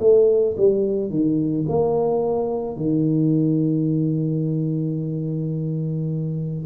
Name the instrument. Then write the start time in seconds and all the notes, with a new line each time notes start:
tuba
0.00 A3
0.57 G3
1.10 D#3
1.69 A#3
2.77 D#3